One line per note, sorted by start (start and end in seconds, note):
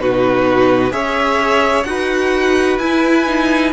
0.00 0.92 B2
0.00 0.91 D#4
0.00 0.94 F#4
0.00 0.93 B4
0.91 1.85 C#4
0.91 1.85 G#4
0.91 1.88 C#5
0.91 1.84 E5
1.84 2.78 D#4
1.84 2.80 F#4
1.84 3.73 B4
1.84 2.78 F#5
2.78 3.72 E4
2.78 3.27 E4
2.78 3.73 G#5
3.27 3.73 D#4